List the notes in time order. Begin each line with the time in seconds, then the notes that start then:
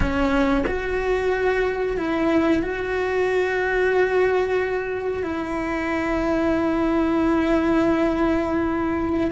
0.00 C#4
0.66 F#4
1.97 E4
2.62 F#4
5.23 E4